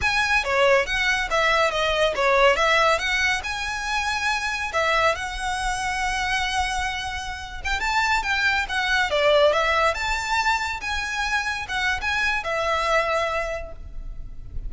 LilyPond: \new Staff \with { instrumentName = "violin" } { \time 4/4 \tempo 4 = 140 gis''4 cis''4 fis''4 e''4 | dis''4 cis''4 e''4 fis''4 | gis''2. e''4 | fis''1~ |
fis''4.~ fis''16 g''8 a''4 g''8.~ | g''16 fis''4 d''4 e''4 a''8.~ | a''4~ a''16 gis''2 fis''8. | gis''4 e''2. | }